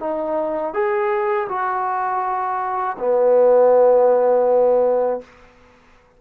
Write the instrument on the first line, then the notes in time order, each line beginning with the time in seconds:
trombone
0.00 D#4
0.74 G#4
1.49 F#4
2.99 B3